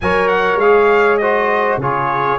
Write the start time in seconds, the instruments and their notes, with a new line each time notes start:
0.01 tuba F#3, trombone A#4, saxophone C#5, trumpet G#5
0.28 trumpet F#5
0.55 tuba G#3, trumpet F5
0.62 trombone G#4
1.17 trombone F#4, saxophone C5, trumpet D#5
1.77 tuba C#3, trombone F4, saxophone G#4, trumpet C#5